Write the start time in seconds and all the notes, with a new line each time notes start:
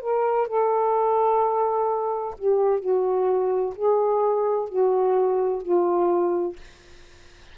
0.00 A#4
0.47 A4
2.38 G4
2.80 F#4
3.75 G#4
4.69 F#4
5.62 F4